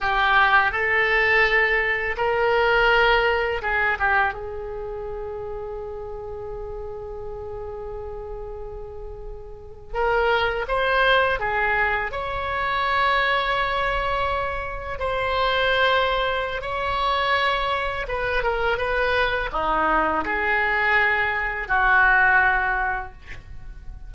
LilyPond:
\new Staff \with { instrumentName = "oboe" } { \time 4/4 \tempo 4 = 83 g'4 a'2 ais'4~ | ais'4 gis'8 g'8 gis'2~ | gis'1~ | gis'4.~ gis'16 ais'4 c''4 gis'16~ |
gis'8. cis''2.~ cis''16~ | cis''8. c''2~ c''16 cis''4~ | cis''4 b'8 ais'8 b'4 dis'4 | gis'2 fis'2 | }